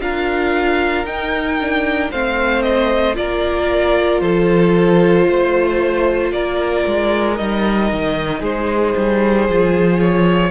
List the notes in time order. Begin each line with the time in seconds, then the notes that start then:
0.00 D4 F4 A#4 F5
1.05 D#4 G5
1.61 D4
2.11 A3 C4 C5 F5
2.62 D#5
3.15 A#3 F4 A#4 D5
4.20 F3 A4 C5
5.27 A3 C5
6.32 A#3 A#4 D5
6.87 G#3
7.37 G3 D#4 D#5
7.92 D#3
8.39 G#3 G#4 C5
8.97 G3
9.49 F3 F4
10.00 C#5